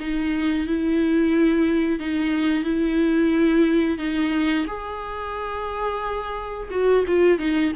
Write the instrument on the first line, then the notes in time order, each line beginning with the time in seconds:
viola
0.00 D#4
0.67 E4
1.99 D#4
2.64 E4
3.98 D#4
4.67 G#4
6.71 F#4
7.08 F4
7.39 D#4